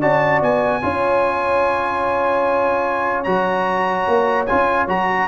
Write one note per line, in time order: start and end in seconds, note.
0.00 0.42 C#4
0.00 0.82 F#4
0.00 0.81 D5
0.00 0.42 A5
0.42 0.83 B3
0.42 3.24 G#5
0.82 3.27 C#4
0.82 3.26 F4
0.82 5.28 C#5
3.24 4.08 F#3
3.24 4.48 F#4
3.24 4.45 A#5
4.08 4.48 A#3
4.46 4.88 C#4
4.46 4.88 F4
4.46 4.87 G#5
4.88 5.28 F#3
4.88 5.28 F#4
4.88 5.28 A#5